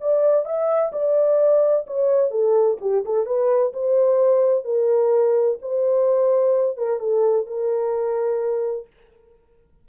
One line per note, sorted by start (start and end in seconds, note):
0.00 0.45 D5
0.45 0.92 E5
0.92 1.86 D5
1.86 2.31 C#5
2.31 2.77 A4
2.80 3.04 G4
3.05 3.26 A4
3.26 3.72 B4
3.73 4.64 C5
4.64 5.58 A#4
5.61 6.77 C5
6.77 7.00 A#4
7.00 7.46 A4
7.46 8.87 A#4